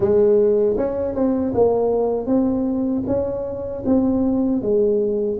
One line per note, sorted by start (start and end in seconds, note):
0.00 0.76 G#3
0.77 1.14 C#4
1.14 1.53 C4
1.54 2.26 A#3
2.26 3.03 C4
3.06 3.83 C#4
3.85 4.62 C4
4.62 5.38 G#3